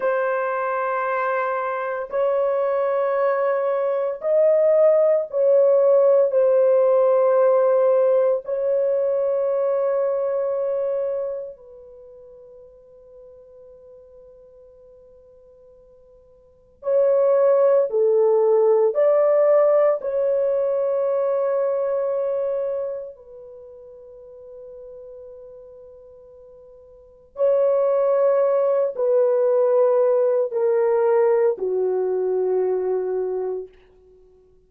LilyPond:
\new Staff \with { instrumentName = "horn" } { \time 4/4 \tempo 4 = 57 c''2 cis''2 | dis''4 cis''4 c''2 | cis''2. b'4~ | b'1 |
cis''4 a'4 d''4 cis''4~ | cis''2 b'2~ | b'2 cis''4. b'8~ | b'4 ais'4 fis'2 | }